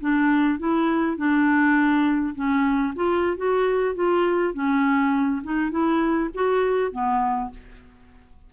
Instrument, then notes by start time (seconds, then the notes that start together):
clarinet
0.00 D4
0.59 E4
1.17 D4
2.35 C#4
2.95 F4
3.37 F#4
3.95 F4
4.54 C#4
5.43 D#4
5.71 E4
6.34 F#4
6.91 B3